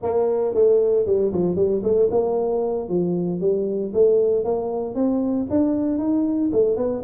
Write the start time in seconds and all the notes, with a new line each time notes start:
0.02 A#3
0.54 A3
1.06 G3
1.32 F3
1.55 G3
1.83 A3
2.10 A#3
2.88 F3
3.40 G3
3.93 A3
4.44 A#3
4.94 C4
5.49 D4
5.98 D#4
6.52 A3
6.76 B3